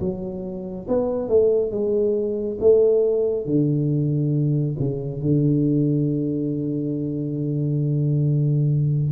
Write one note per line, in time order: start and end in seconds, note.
0.00 0.87 F#3
0.88 1.29 B3
1.29 1.72 A3
1.72 2.58 G#3
2.61 3.46 A3
3.46 4.76 D3
4.79 5.22 C#3
5.22 9.12 D3